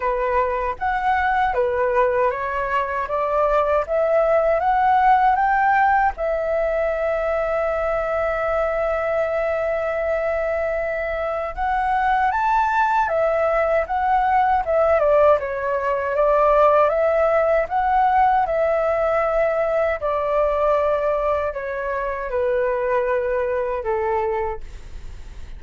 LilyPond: \new Staff \with { instrumentName = "flute" } { \time 4/4 \tempo 4 = 78 b'4 fis''4 b'4 cis''4 | d''4 e''4 fis''4 g''4 | e''1~ | e''2. fis''4 |
a''4 e''4 fis''4 e''8 d''8 | cis''4 d''4 e''4 fis''4 | e''2 d''2 | cis''4 b'2 a'4 | }